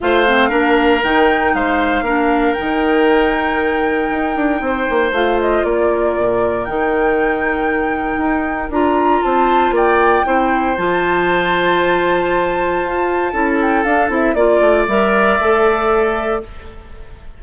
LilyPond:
<<
  \new Staff \with { instrumentName = "flute" } { \time 4/4 \tempo 4 = 117 f''2 g''4 f''4~ | f''4 g''2.~ | g''2 f''8 dis''8 d''4~ | d''4 g''2.~ |
g''4 ais''4 a''4 g''4~ | g''4 a''2.~ | a''2~ a''8 g''8 f''8 e''8 | d''4 e''2. | }
  \new Staff \with { instrumentName = "oboe" } { \time 4/4 c''4 ais'2 c''4 | ais'1~ | ais'4 c''2 ais'4~ | ais'1~ |
ais'2 c''4 d''4 | c''1~ | c''2 a'2 | d''1 | }
  \new Staff \with { instrumentName = "clarinet" } { \time 4/4 f'8 c'8 d'4 dis'2 | d'4 dis'2.~ | dis'2 f'2~ | f'4 dis'2.~ |
dis'4 f'2. | e'4 f'2.~ | f'2 e'4 d'8 e'8 | f'4 ais'4 a'2 | }
  \new Staff \with { instrumentName = "bassoon" } { \time 4/4 a4 ais4 dis4 gis4 | ais4 dis2. | dis'8 d'8 c'8 ais8 a4 ais4 | ais,4 dis2. |
dis'4 d'4 c'4 ais4 | c'4 f2.~ | f4 f'4 cis'4 d'8 c'8 | ais8 a8 g4 a2 | }
>>